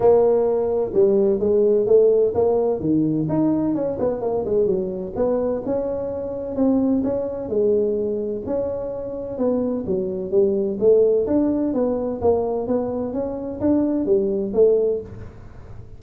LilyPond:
\new Staff \with { instrumentName = "tuba" } { \time 4/4 \tempo 4 = 128 ais2 g4 gis4 | a4 ais4 dis4 dis'4 | cis'8 b8 ais8 gis8 fis4 b4 | cis'2 c'4 cis'4 |
gis2 cis'2 | b4 fis4 g4 a4 | d'4 b4 ais4 b4 | cis'4 d'4 g4 a4 | }